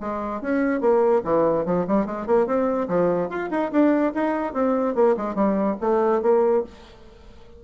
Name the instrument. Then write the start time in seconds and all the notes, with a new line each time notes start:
bassoon
0.00 G#3
0.41 C#4
0.80 A#3
1.24 E3
1.65 F3
1.87 G3
2.06 G#3
2.26 A#3
2.46 C4
2.88 F3
3.29 F4
3.50 D#4
3.71 D4
4.14 D#4
4.53 C4
4.95 A#3
5.17 G#3
5.35 G3
5.80 A3
6.22 A#3